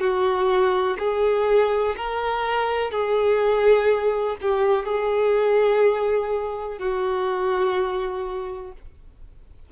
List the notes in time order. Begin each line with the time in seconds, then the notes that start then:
0.00 F#4
0.98 G#4
1.97 A#4
2.91 G#4
4.41 G4
4.85 G#4
6.78 F#4